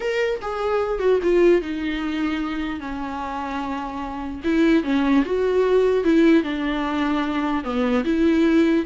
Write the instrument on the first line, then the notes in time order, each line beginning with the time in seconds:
viola
0.00 A#4
0.41 G#4
0.99 F#4
1.22 F4
1.61 D#4
2.80 C#4
4.44 E4
4.83 C#4
5.25 F#4
6.03 E4
6.43 D4
7.63 B3
8.04 E4